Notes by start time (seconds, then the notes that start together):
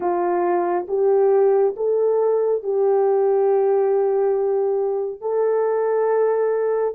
0.00 F4
0.87 G4
1.76 A4
2.63 G4
5.20 A4